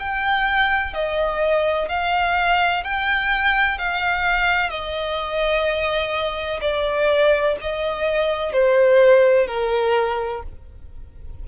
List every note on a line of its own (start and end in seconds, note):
0.00 0.94 G5
0.94 1.89 D#5
1.89 2.84 F5
2.84 3.79 G5
3.79 4.70 F5
4.70 6.61 D#5
6.61 7.57 D5
7.61 8.53 D#5
8.53 9.48 C5
9.48 10.43 A#4